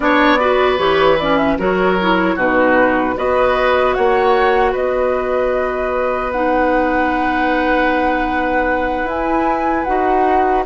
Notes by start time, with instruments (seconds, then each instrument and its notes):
0.00 bassoon B3, clarinet D4, oboe C#5, flute D5
0.39 clarinet F#4, oboe B4
0.77 bassoon E3, clarinet G4, flute C#5
1.18 clarinet C#4, flute D5
1.37 flute E5
1.58 bassoon F#3, clarinet F#4, oboe A#4, flute C#5
2.01 clarinet E4
2.35 bassoon B2, clarinet D#4, oboe F#4, flute B4
3.16 bassoon B3, clarinet F#4, oboe B4, flute D#5
3.94 bassoon A#3, oboe C#5, flute F#5
4.72 bassoon B3, oboe B4, flute D#5
6.31 clarinet D#4, flute F#5
9.04 bassoon E4, clarinet E4, flute G#5
9.84 bassoon D#4, clarinet F#4, flute F#5